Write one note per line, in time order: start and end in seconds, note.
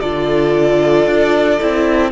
0.00 1.06 D3
0.00 1.60 F4
0.00 2.11 A4
0.00 2.11 D5
1.06 1.59 D4
1.60 2.11 C4
1.60 2.11 E4